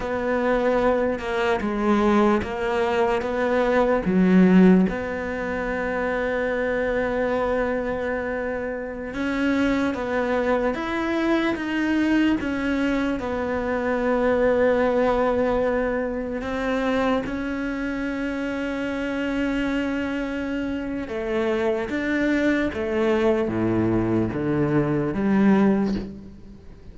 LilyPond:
\new Staff \with { instrumentName = "cello" } { \time 4/4 \tempo 4 = 74 b4. ais8 gis4 ais4 | b4 fis4 b2~ | b2.~ b16 cis'8.~ | cis'16 b4 e'4 dis'4 cis'8.~ |
cis'16 b2.~ b8.~ | b16 c'4 cis'2~ cis'8.~ | cis'2 a4 d'4 | a4 a,4 d4 g4 | }